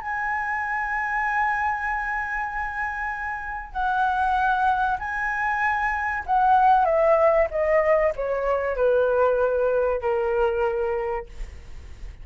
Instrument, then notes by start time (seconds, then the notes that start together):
flute
0.00 G#5
3.72 F#5
4.98 G#5
6.26 F#5
6.85 E5
7.50 D#5
8.15 C#5
8.76 B4
10.01 A#4